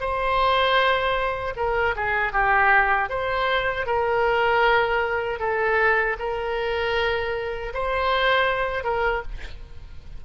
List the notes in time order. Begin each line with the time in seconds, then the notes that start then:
0.00 C5
1.56 A#4
1.95 G#4
2.33 G4
3.09 C5
3.86 A#4
5.40 A4
6.19 A#4
7.74 C5
8.84 A#4